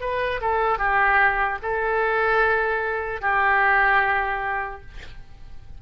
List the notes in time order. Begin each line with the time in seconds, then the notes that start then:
0.00 B4
0.40 A4
0.78 G4
1.62 A4
3.21 G4